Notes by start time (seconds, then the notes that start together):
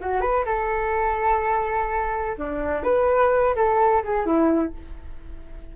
0.00 F#4
0.21 B4
0.45 A4
2.37 D4
2.83 B4
3.55 A4
4.03 G#4
4.26 E4